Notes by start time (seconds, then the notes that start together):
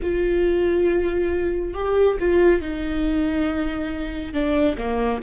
0.01 F4
1.74 G4
2.19 F4
2.61 D#4
4.33 D4
4.77 A#3